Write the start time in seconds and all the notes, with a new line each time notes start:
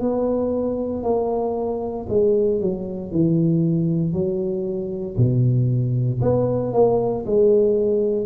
0.00 B3
1.03 A#3
2.09 G#3
2.61 F#3
3.11 E3
4.13 F#3
5.17 B2
6.22 B3
6.73 A#3
7.26 G#3